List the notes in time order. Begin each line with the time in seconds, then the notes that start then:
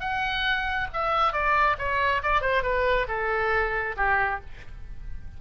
0.00 F#5
0.93 E5
1.33 D5
1.78 C#5
2.23 D5
2.41 C5
2.63 B4
3.08 A4
3.97 G4